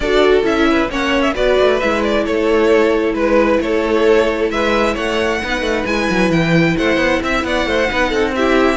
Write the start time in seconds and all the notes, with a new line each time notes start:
0.00 D4 F#4 A4 D5
0.43 C#4 E4 E5
0.69 B4
0.89 A#3 C#4 C#5 F#5
1.22 E5
1.33 B3 F#4 B4 D5
1.60 A3
1.79 G#3 E4 E5
2.03 D5
2.25 A3 A4 C#5
3.13 G#3 B4
3.60 A3 A4 C#5
4.50 G#3 B4 E5
4.94 A3 C#5 F#5
5.43 B3 D#4 B4
5.61 A3
5.85 G#3 E4 G#5
6.10 F#3
6.30 E3 G5
6.77 A3 C5 F#5
6.96 B3
7.22 C4 E5
7.43 B3 D5 F#5
7.66 A3 C5
7.88 B3 D#4 B4
8.09 C4 A4
8.35 E4 G4 E5